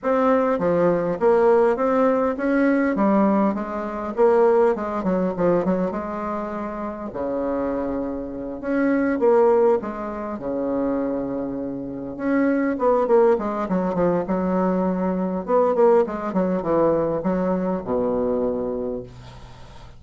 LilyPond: \new Staff \with { instrumentName = "bassoon" } { \time 4/4 \tempo 4 = 101 c'4 f4 ais4 c'4 | cis'4 g4 gis4 ais4 | gis8 fis8 f8 fis8 gis2 | cis2~ cis8 cis'4 ais8~ |
ais8 gis4 cis2~ cis8~ | cis8 cis'4 b8 ais8 gis8 fis8 f8 | fis2 b8 ais8 gis8 fis8 | e4 fis4 b,2 | }